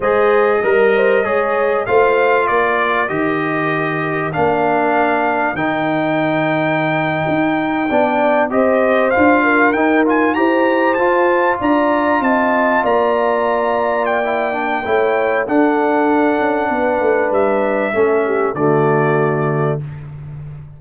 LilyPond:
<<
  \new Staff \with { instrumentName = "trumpet" } { \time 4/4 \tempo 4 = 97 dis''2. f''4 | d''4 dis''2 f''4~ | f''4 g''2.~ | g''4.~ g''16 dis''4 f''4 g''16~ |
g''16 gis''8 ais''4 a''4 ais''4 a''16~ | a''8. ais''2 g''4~ g''16~ | g''4 fis''2. | e''2 d''2 | }
  \new Staff \with { instrumentName = "horn" } { \time 4/4 c''4 ais'8 c''8 cis''4 c''4 | ais'1~ | ais'1~ | ais'8. d''4 c''4. ais'8.~ |
ais'8. c''2 d''4 dis''16~ | dis''8. d''2.~ d''16 | cis''4 a'2 b'4~ | b'4 a'8 g'8 fis'2 | }
  \new Staff \with { instrumentName = "trombone" } { \time 4/4 gis'4 ais'4 gis'4 f'4~ | f'4 g'2 d'4~ | d'4 dis'2.~ | dis'8. d'4 g'4 f'4 dis'16~ |
dis'16 f'8 g'4 f'2~ f'16~ | f'2. e'8 d'8 | e'4 d'2.~ | d'4 cis'4 a2 | }
  \new Staff \with { instrumentName = "tuba" } { \time 4/4 gis4 g4 gis4 a4 | ais4 dis2 ais4~ | ais4 dis2~ dis8. dis'16~ | dis'8. b4 c'4 d'4 dis'16~ |
dis'8. e'4 f'4 d'4 c'16~ | c'8. ais2.~ ais16 | a4 d'4. cis'8 b8 a8 | g4 a4 d2 | }
>>